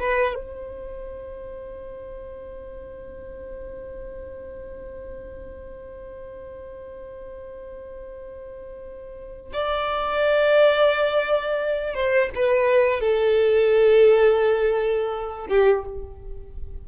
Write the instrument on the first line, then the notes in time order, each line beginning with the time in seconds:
violin
0.00 B4
0.35 C5
9.53 D5
11.95 C5
12.36 B4
13.01 A4
15.49 G4